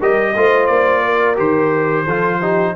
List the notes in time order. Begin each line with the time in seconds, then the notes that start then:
0.00 G3 G4 A#4 D#5
0.36 A3 F4 C5
0.67 A#3 D5
1.03 A#4
1.36 D#3 G4 C5
2.06 F3 F4 A4
2.41 D#4 G4